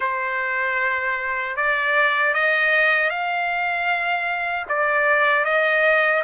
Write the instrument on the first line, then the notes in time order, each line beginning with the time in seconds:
trumpet
0.00 C5
1.56 D5
2.34 D#5
3.10 F5
4.68 D5
5.44 D#5